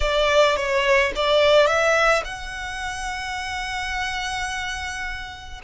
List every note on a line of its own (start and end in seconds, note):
0.00 0.56 D5
0.56 1.12 C#5
1.15 1.66 D5
1.66 2.23 E5
2.24 5.61 F#5